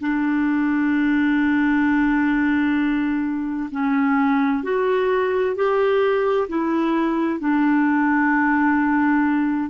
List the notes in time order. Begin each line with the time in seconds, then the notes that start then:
0.00 D4
3.71 C#4
4.63 F#4
5.55 G4
6.48 E4
7.39 D4